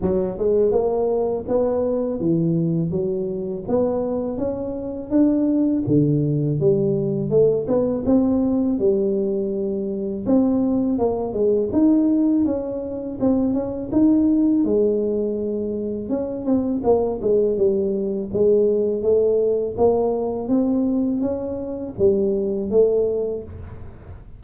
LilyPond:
\new Staff \with { instrumentName = "tuba" } { \time 4/4 \tempo 4 = 82 fis8 gis8 ais4 b4 e4 | fis4 b4 cis'4 d'4 | d4 g4 a8 b8 c'4 | g2 c'4 ais8 gis8 |
dis'4 cis'4 c'8 cis'8 dis'4 | gis2 cis'8 c'8 ais8 gis8 | g4 gis4 a4 ais4 | c'4 cis'4 g4 a4 | }